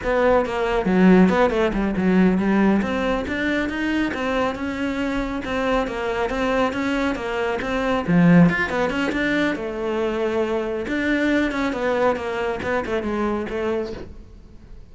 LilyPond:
\new Staff \with { instrumentName = "cello" } { \time 4/4 \tempo 4 = 138 b4 ais4 fis4 b8 a8 | g8 fis4 g4 c'4 d'8~ | d'8 dis'4 c'4 cis'4.~ | cis'8 c'4 ais4 c'4 cis'8~ |
cis'8 ais4 c'4 f4 f'8 | b8 cis'8 d'4 a2~ | a4 d'4. cis'8 b4 | ais4 b8 a8 gis4 a4 | }